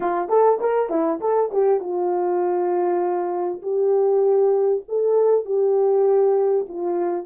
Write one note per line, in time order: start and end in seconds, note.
0.00 0.29 F4
0.29 0.59 A4
0.60 0.89 A#4
0.89 1.20 E4
1.20 1.50 A4
1.51 1.79 G4
1.79 3.61 F4
3.62 4.83 G4
4.88 5.45 A4
5.45 6.66 G4
6.68 7.26 F4